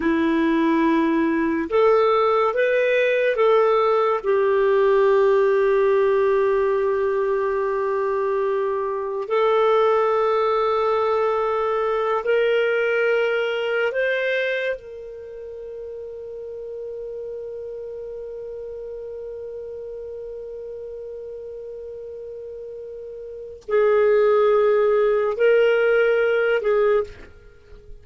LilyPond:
\new Staff \with { instrumentName = "clarinet" } { \time 4/4 \tempo 4 = 71 e'2 a'4 b'4 | a'4 g'2.~ | g'2. a'4~ | a'2~ a'8 ais'4.~ |
ais'8 c''4 ais'2~ ais'8~ | ais'1~ | ais'1 | gis'2 ais'4. gis'8 | }